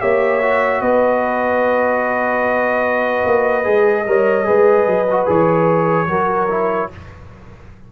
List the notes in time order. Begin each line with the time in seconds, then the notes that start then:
0.00 A#3 G4 C#5 E5
0.42 F#4
0.81 B3 B4 D#5
3.26 A#3
3.64 G#3 G#4
4.07 G3 A#4 C#5
4.45 G#3 G#4 B4
4.86 F#3
5.11 F#4
5.26 E3 G#4 C#5
6.08 F#3 F#4 A#4
6.50 E4